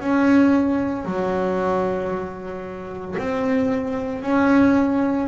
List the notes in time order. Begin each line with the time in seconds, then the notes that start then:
0.00 C#4
1.05 F#3
3.19 C4
4.22 C#4